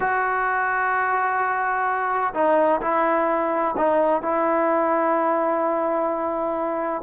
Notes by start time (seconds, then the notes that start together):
0.00 F#4
2.34 D#4
2.81 E4
3.77 D#4
4.22 E4